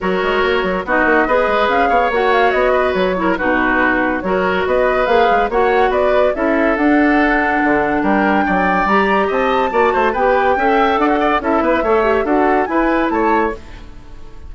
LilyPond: <<
  \new Staff \with { instrumentName = "flute" } { \time 4/4 \tempo 4 = 142 cis''2 dis''2 | f''4 fis''8 f''8 dis''4 cis''4 | b'2 cis''4 dis''4 | f''4 fis''4 d''4 e''4 |
fis''2. g''4~ | g''4 ais''4 a''2 | g''2 fis''4 e''4~ | e''4 fis''4 gis''4 a''4 | }
  \new Staff \with { instrumentName = "oboe" } { \time 4/4 ais'2 fis'4 b'4~ | b'8 cis''2 b'4 ais'8 | fis'2 ais'4 b'4~ | b'4 cis''4 b'4 a'4~ |
a'2. ais'4 | d''2 dis''4 d''8 c''8 | b'4 e''4 d''16 fis'16 d''8 a'8 b'8 | cis''4 a'4 b'4 cis''4 | }
  \new Staff \with { instrumentName = "clarinet" } { \time 4/4 fis'2 dis'4 gis'4~ | gis'4 fis'2~ fis'8 e'8 | dis'2 fis'2 | gis'4 fis'2 e'4 |
d'1~ | d'4 g'2 fis'4 | g'4 a'2 e'4 | a'8 g'8 fis'4 e'2 | }
  \new Staff \with { instrumentName = "bassoon" } { \time 4/4 fis8 gis8 ais8 fis8 b8 ais8 b8 gis8 | cis'8 b8 ais4 b4 fis4 | b,2 fis4 b4 | ais8 gis8 ais4 b4 cis'4 |
d'2 d4 g4 | fis4 g4 c'4 ais8 a8 | b4 cis'4 d'4 cis'8 b8 | a4 d'4 e'4 a4 | }
>>